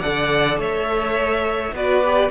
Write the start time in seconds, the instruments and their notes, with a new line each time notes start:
0.00 cello D3, viola A4, violin D5 F#5
0.57 cello A3, violin C#5 E5
1.72 cello B3, viola F#4, violin B4 D5
2.04 viola G4